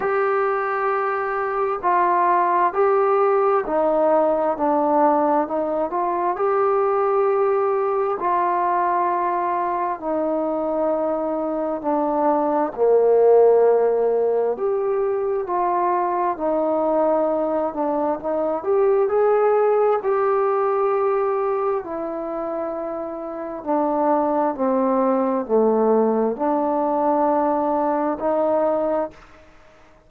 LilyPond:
\new Staff \with { instrumentName = "trombone" } { \time 4/4 \tempo 4 = 66 g'2 f'4 g'4 | dis'4 d'4 dis'8 f'8 g'4~ | g'4 f'2 dis'4~ | dis'4 d'4 ais2 |
g'4 f'4 dis'4. d'8 | dis'8 g'8 gis'4 g'2 | e'2 d'4 c'4 | a4 d'2 dis'4 | }